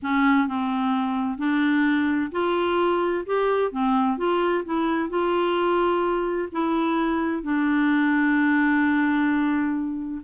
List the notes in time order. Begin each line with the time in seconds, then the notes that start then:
0.02 C#4
0.47 C4
1.38 D4
2.31 F4
3.26 G4
3.71 C4
4.17 F4
4.64 E4
5.09 F4
6.52 E4
7.42 D4